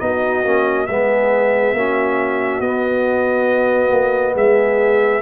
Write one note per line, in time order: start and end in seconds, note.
0.00 0.44 B3
0.00 0.44 D#4
0.00 0.89 F#4
0.00 0.87 D#5
0.44 0.88 A#3
0.44 0.88 C#4
0.87 1.74 G#3
0.87 1.76 B3
0.87 1.76 G#4
0.87 2.61 E5
1.74 2.61 A#3
1.74 2.64 C#4
1.74 4.35 F#4
2.61 3.91 B3
2.61 5.22 B3
2.61 4.35 D#5
3.91 4.35 A#3
4.35 5.22 G#3
4.35 5.22 G#4
4.35 5.22 E5